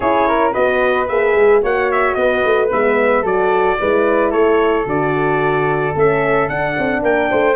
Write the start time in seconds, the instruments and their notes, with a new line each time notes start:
0.00 tuba C#4, horn E4, flute G#4, trumpet C#5
0.27 flute A#4
0.52 tuba B3, horn F#4, flute B4, trumpet D#5
1.08 tuba A#3, horn G#4, trumpet E5
1.35 tuba G#3
1.61 tuba A#3, horn F#4, flute C#5, trumpet F#5
1.91 trumpet E5
2.14 tuba B3, flute B4, trumpet D#5
2.44 tuba A3
2.71 tuba G#3, horn B3, trumpet E5
3.22 tuba F#3, horn F#4, flute A4, trumpet D5
3.80 tuba G#3, horn E4, flute B4
4.31 tuba A3, flute A4, trumpet C#5
4.85 tuba D3, horn F#4, trumpet D5
5.95 tuba A3, horn C#4, trumpet E5
6.48 horn D4, tuba D4, trumpet F#5
6.78 tuba C4
7.02 tuba A#3, flute A#4, trumpet G5
7.30 tuba A3, flute C5